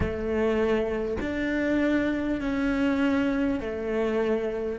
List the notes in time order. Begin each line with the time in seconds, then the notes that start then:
0.00 A3
1.20 D4
2.41 C#4
3.59 A3